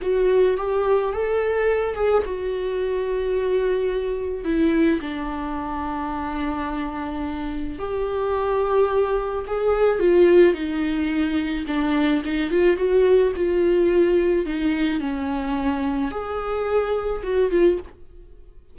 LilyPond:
\new Staff \with { instrumentName = "viola" } { \time 4/4 \tempo 4 = 108 fis'4 g'4 a'4. gis'8 | fis'1 | e'4 d'2.~ | d'2 g'2~ |
g'4 gis'4 f'4 dis'4~ | dis'4 d'4 dis'8 f'8 fis'4 | f'2 dis'4 cis'4~ | cis'4 gis'2 fis'8 f'8 | }